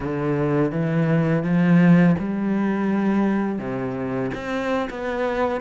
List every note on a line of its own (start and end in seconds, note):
0.00 0.71 D3
0.71 1.43 E3
1.43 2.15 F3
2.19 3.58 G3
3.58 4.30 C3
4.34 4.88 C4
4.90 5.60 B3